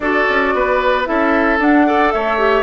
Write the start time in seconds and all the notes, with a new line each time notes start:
0.00 D4 F#4 A4 D5
0.29 C#4
0.54 B3 B4
1.05 C#4 E4 A4 E5
1.58 D4 F#5
1.86 A4 D5
2.11 A3 C#5 E5
2.38 G4